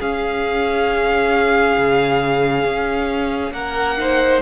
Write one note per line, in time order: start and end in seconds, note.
0.00 1.77 C#4
0.00 3.98 C#4
0.00 3.53 G#4
0.00 3.53 F5
1.77 2.65 C#3
2.65 3.51 C#4
3.51 4.40 A#3
3.51 3.98 A#4
3.51 4.41 F#5
3.98 4.42 D#4
3.98 4.42 C5